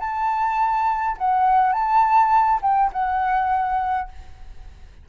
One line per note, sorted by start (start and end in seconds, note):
0.00 1.17 A5
1.18 1.72 F#5
1.72 2.60 A5
2.62 2.91 G5
2.93 4.09 F#5